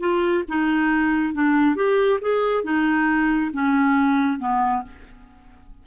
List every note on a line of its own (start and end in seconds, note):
0.00 0.44 F4
0.48 1.34 D#4
1.34 1.76 D4
1.76 2.19 G4
2.21 2.63 G#4
2.63 3.51 D#4
3.53 4.39 C#4
4.39 4.83 B3